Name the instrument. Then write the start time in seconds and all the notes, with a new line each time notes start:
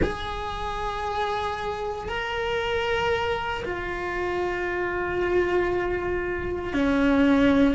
cello
0.02 G#4
2.08 A#4
3.64 F4
6.72 C#4